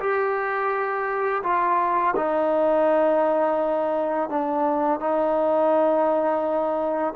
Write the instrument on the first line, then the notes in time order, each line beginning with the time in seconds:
trombone
0.00 G4
1.44 F4
2.17 D#4
4.30 D4
5.00 D#4